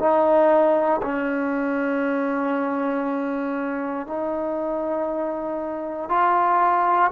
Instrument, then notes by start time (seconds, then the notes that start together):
trombone
0.00 D#4
1.03 C#4
4.07 D#4
6.10 F4